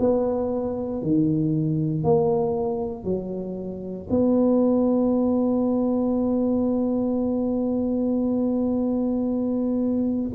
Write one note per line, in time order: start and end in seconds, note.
0.00 1.02 B3
1.02 2.04 D#3
2.04 3.04 A#3
3.04 4.08 F#3
4.10 10.31 B3